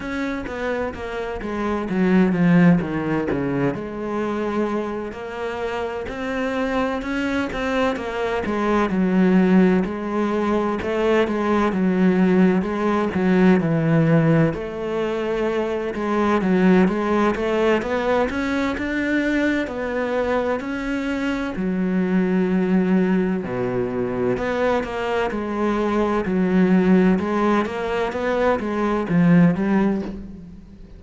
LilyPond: \new Staff \with { instrumentName = "cello" } { \time 4/4 \tempo 4 = 64 cis'8 b8 ais8 gis8 fis8 f8 dis8 cis8 | gis4. ais4 c'4 cis'8 | c'8 ais8 gis8 fis4 gis4 a8 | gis8 fis4 gis8 fis8 e4 a8~ |
a4 gis8 fis8 gis8 a8 b8 cis'8 | d'4 b4 cis'4 fis4~ | fis4 b,4 b8 ais8 gis4 | fis4 gis8 ais8 b8 gis8 f8 g8 | }